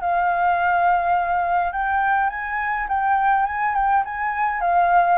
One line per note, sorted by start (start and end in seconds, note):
0.00 1.72 F5
1.72 2.29 G5
2.29 2.87 G#5
2.88 3.45 G5
3.45 3.74 G#5
3.74 4.03 G5
4.04 4.60 G#5
4.60 5.18 F5